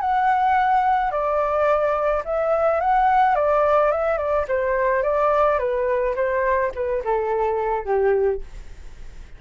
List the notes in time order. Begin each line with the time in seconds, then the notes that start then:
0.00 F#5
1.11 D5
2.25 E5
2.80 F#5
3.35 D5
3.91 E5
4.17 D5
4.48 C5
5.03 D5
5.58 B4
6.15 C5
6.75 B4
7.04 A4
7.85 G4